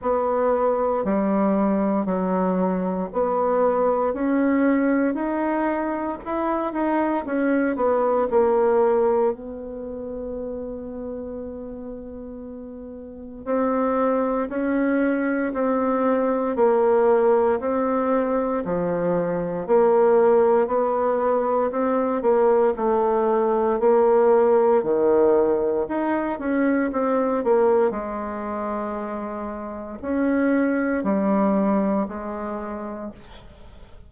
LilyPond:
\new Staff \with { instrumentName = "bassoon" } { \time 4/4 \tempo 4 = 58 b4 g4 fis4 b4 | cis'4 dis'4 e'8 dis'8 cis'8 b8 | ais4 b2.~ | b4 c'4 cis'4 c'4 |
ais4 c'4 f4 ais4 | b4 c'8 ais8 a4 ais4 | dis4 dis'8 cis'8 c'8 ais8 gis4~ | gis4 cis'4 g4 gis4 | }